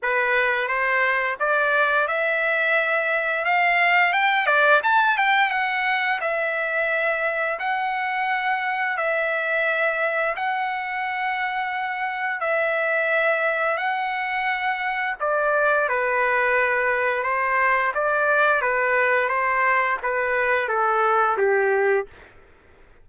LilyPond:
\new Staff \with { instrumentName = "trumpet" } { \time 4/4 \tempo 4 = 87 b'4 c''4 d''4 e''4~ | e''4 f''4 g''8 d''8 a''8 g''8 | fis''4 e''2 fis''4~ | fis''4 e''2 fis''4~ |
fis''2 e''2 | fis''2 d''4 b'4~ | b'4 c''4 d''4 b'4 | c''4 b'4 a'4 g'4 | }